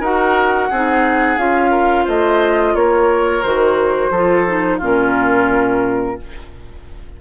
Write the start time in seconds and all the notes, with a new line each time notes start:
0.00 D#4 F#4 A#4 F#5
0.70 C4 D#4 G#4
1.37 C#4 F4 F5
1.71 A#4
2.05 A3 C5 D#5
2.75 A#3 A#4 C#5
3.42 D#3 F#4 C5
4.10 F3 F4 A4
4.46 D#4
4.77 A#2 C#4 F4
4.85 A#4